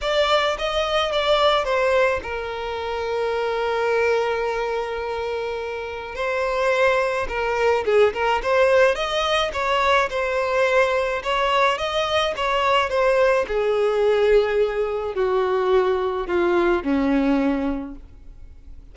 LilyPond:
\new Staff \with { instrumentName = "violin" } { \time 4/4 \tempo 4 = 107 d''4 dis''4 d''4 c''4 | ais'1~ | ais'2. c''4~ | c''4 ais'4 gis'8 ais'8 c''4 |
dis''4 cis''4 c''2 | cis''4 dis''4 cis''4 c''4 | gis'2. fis'4~ | fis'4 f'4 cis'2 | }